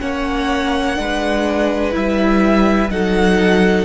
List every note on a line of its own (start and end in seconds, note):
0.00 0.98 A#3
0.00 0.96 C#4
0.00 0.98 C#5
0.00 1.94 F#5
0.96 1.95 G#3
0.96 1.92 D4
0.96 2.92 B4
1.92 2.90 G3
1.92 2.89 E4
1.92 2.91 E5
2.90 3.85 F#3
2.90 3.85 D#4
2.90 3.85 A4
2.90 3.85 F#5